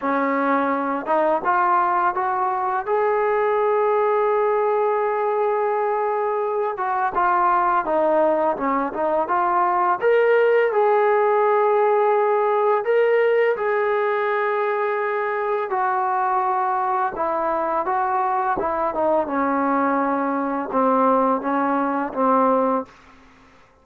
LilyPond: \new Staff \with { instrumentName = "trombone" } { \time 4/4 \tempo 4 = 84 cis'4. dis'8 f'4 fis'4 | gis'1~ | gis'4. fis'8 f'4 dis'4 | cis'8 dis'8 f'4 ais'4 gis'4~ |
gis'2 ais'4 gis'4~ | gis'2 fis'2 | e'4 fis'4 e'8 dis'8 cis'4~ | cis'4 c'4 cis'4 c'4 | }